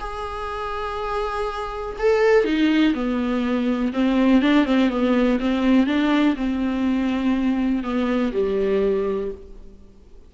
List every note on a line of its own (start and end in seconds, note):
0.00 1.97 G#4
1.99 2.45 A4
2.45 2.94 D#4
2.94 3.93 B3
3.93 4.42 C4
4.42 4.65 D4
4.65 4.90 C4
4.90 5.39 B3
5.40 5.86 C4
5.86 6.36 D4
6.36 7.83 C4
7.83 8.32 B3
8.33 9.31 G3